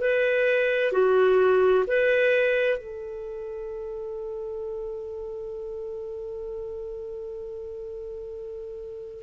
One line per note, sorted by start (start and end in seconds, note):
0.00 0.92 B4
0.92 1.84 F#4
1.87 2.78 B4
2.78 9.23 A4